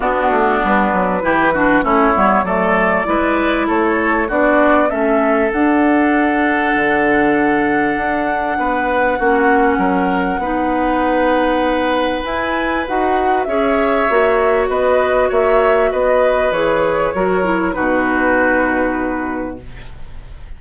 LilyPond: <<
  \new Staff \with { instrumentName = "flute" } { \time 4/4 \tempo 4 = 98 fis'4 b'2 cis''4 | d''2 cis''4 d''4 | e''4 fis''2.~ | fis''1~ |
fis''1 | gis''4 fis''4 e''2 | dis''4 e''4 dis''4 cis''4~ | cis''4 b'2. | }
  \new Staff \with { instrumentName = "oboe" } { \time 4/4 d'2 g'8 fis'8 e'4 | a'4 b'4 a'4 fis'4 | a'1~ | a'2 b'4 fis'4 |
ais'4 b'2.~ | b'2 cis''2 | b'4 cis''4 b'2 | ais'4 fis'2. | }
  \new Staff \with { instrumentName = "clarinet" } { \time 4/4 b2 e'8 d'8 cis'8 b8 | a4 e'2 d'4 | cis'4 d'2.~ | d'2. cis'4~ |
cis'4 dis'2. | e'4 fis'4 gis'4 fis'4~ | fis'2. gis'4 | fis'8 e'8 dis'2. | }
  \new Staff \with { instrumentName = "bassoon" } { \time 4/4 b8 a8 g8 fis8 e4 a8 g8 | fis4 gis4 a4 b4 | a4 d'2 d4~ | d4 d'4 b4 ais4 |
fis4 b2. | e'4 dis'4 cis'4 ais4 | b4 ais4 b4 e4 | fis4 b,2. | }
>>